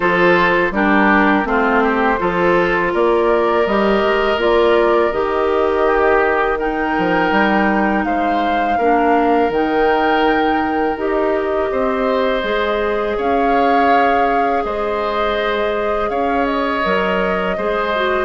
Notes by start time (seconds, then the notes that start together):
0.00 F3 F4 A4 C5
0.71 G3 D4 G4 A#4
1.44 A3 C4 F4 C5
1.83 G4
2.18 F3 F4 A4
2.93 A#3 A#4 D5
3.66 G3 G4 D#5
4.02 G#3
4.36 A#3 F4 D5
5.12 D#3 G4 D#5
5.86 G4
6.58 D#4 A#4 G5
6.97 F3
7.31 G3
8.04 G#3 C5 F5
8.77 A#3 D4 A#4
9.49 D#3 D#4 G5
10.96 D#4 G4 D#5
11.71 C4 C5
12.42 G#3 G#4
13.17 C#4 C#5 F5
14.64 G#3 C5 D#5
16.09 C#4 C#5 F5
16.45 D#5
16.83 F#3 A#4
17.57 G#3 G#4 C5
17.95 F#4